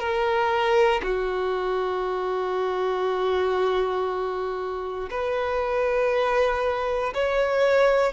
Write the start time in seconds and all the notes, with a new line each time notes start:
0.00 A#4
1.03 F#4
5.11 B4
7.15 C#5